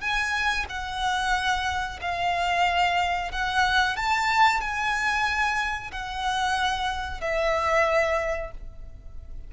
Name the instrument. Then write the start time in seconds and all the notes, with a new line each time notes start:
violin
0.00 G#5
0.69 F#5
2.01 F5
3.31 F#5
3.96 A5
4.60 G#5
5.91 F#5
7.21 E5